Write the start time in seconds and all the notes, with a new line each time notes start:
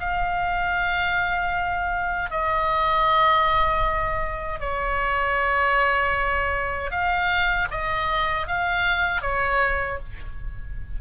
0.00 F5
2.31 D#5
4.60 C#5
6.91 F5
7.71 D#5
8.47 F5
9.22 C#5